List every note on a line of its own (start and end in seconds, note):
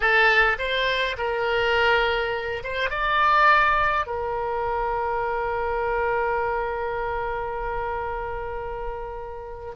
0.00 0.57 A4
0.58 1.16 C5
1.17 2.63 A#4
2.63 2.90 C5
2.90 4.06 D5
4.06 9.74 A#4